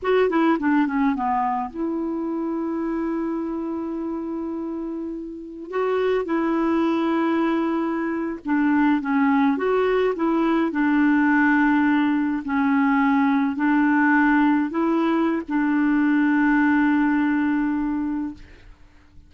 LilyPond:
\new Staff \with { instrumentName = "clarinet" } { \time 4/4 \tempo 4 = 105 fis'8 e'8 d'8 cis'8 b4 e'4~ | e'1~ | e'2 fis'4 e'4~ | e'2~ e'8. d'4 cis'16~ |
cis'8. fis'4 e'4 d'4~ d'16~ | d'4.~ d'16 cis'2 d'16~ | d'4.~ d'16 e'4~ e'16 d'4~ | d'1 | }